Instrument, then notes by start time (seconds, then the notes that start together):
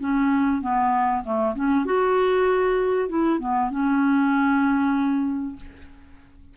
clarinet
0.00 C#4
0.62 B3
1.24 A3
1.55 C#4
1.85 F#4
3.09 E4
3.39 B3
3.71 C#4